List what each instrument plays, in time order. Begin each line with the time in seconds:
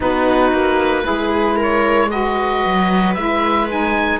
0.00 cello B3, saxophone D#4, viola F#4, oboe B4
0.52 cello A#3
1.02 saxophone E4, viola G#4
1.09 cello G#3
1.56 viola A#4, oboe C#5
2.10 saxophone F#4, viola B4, oboe D#5
2.65 cello F#3
3.14 cello G#3, saxophone E4, oboe E5
3.69 saxophone D#4, oboe G#5